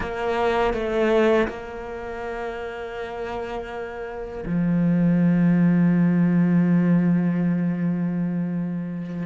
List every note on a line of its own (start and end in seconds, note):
0.00 0.73 A#3
0.73 1.47 A3
1.48 4.44 A#3
4.45 9.26 F3